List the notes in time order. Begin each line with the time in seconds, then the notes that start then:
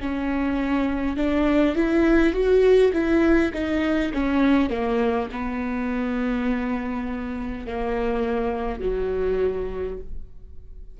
0.00 C#4
1.17 D4
1.75 E4
2.33 F#4
2.93 E4
3.53 D#4
4.13 C#4
4.70 A#3
5.32 B3
7.67 A#3
8.80 F#3